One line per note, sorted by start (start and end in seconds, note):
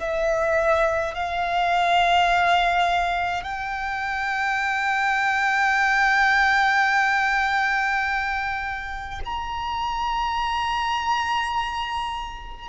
0.00 1.14 E5
1.14 3.44 F5
3.44 9.20 G5
9.25 12.69 A#5